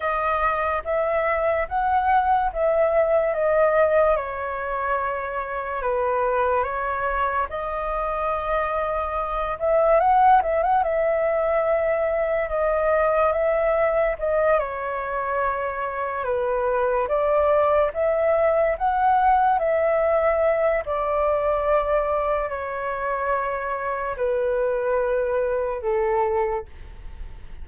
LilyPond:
\new Staff \with { instrumentName = "flute" } { \time 4/4 \tempo 4 = 72 dis''4 e''4 fis''4 e''4 | dis''4 cis''2 b'4 | cis''4 dis''2~ dis''8 e''8 | fis''8 e''16 fis''16 e''2 dis''4 |
e''4 dis''8 cis''2 b'8~ | b'8 d''4 e''4 fis''4 e''8~ | e''4 d''2 cis''4~ | cis''4 b'2 a'4 | }